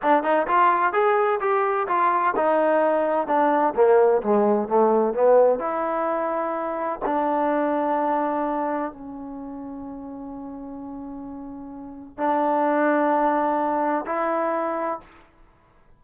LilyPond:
\new Staff \with { instrumentName = "trombone" } { \time 4/4 \tempo 4 = 128 d'8 dis'8 f'4 gis'4 g'4 | f'4 dis'2 d'4 | ais4 gis4 a4 b4 | e'2. d'4~ |
d'2. cis'4~ | cis'1~ | cis'2 d'2~ | d'2 e'2 | }